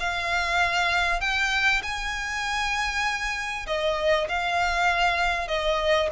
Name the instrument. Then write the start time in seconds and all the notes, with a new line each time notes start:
violin
0.00 F5
1.21 G5
1.83 G#5
3.67 D#5
4.29 F5
5.48 D#5